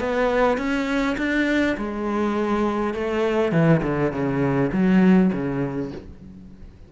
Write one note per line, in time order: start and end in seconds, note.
0.00 0.57 B3
0.57 1.16 C#4
1.17 1.76 D4
1.77 2.94 G#3
2.94 3.52 A3
3.52 3.81 E3
3.82 4.12 D3
4.12 4.71 C#3
4.72 5.31 F#3
5.33 5.91 C#3